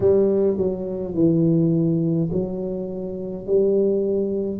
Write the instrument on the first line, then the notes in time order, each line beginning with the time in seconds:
tuba
0.00 G3
0.57 F#3
1.14 E3
2.31 F#3
3.46 G3